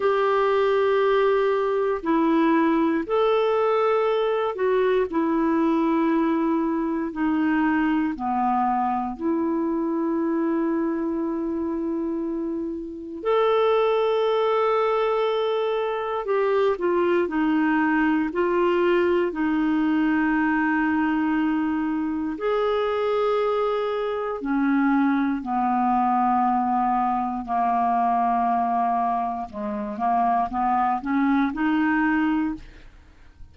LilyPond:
\new Staff \with { instrumentName = "clarinet" } { \time 4/4 \tempo 4 = 59 g'2 e'4 a'4~ | a'8 fis'8 e'2 dis'4 | b4 e'2.~ | e'4 a'2. |
g'8 f'8 dis'4 f'4 dis'4~ | dis'2 gis'2 | cis'4 b2 ais4~ | ais4 gis8 ais8 b8 cis'8 dis'4 | }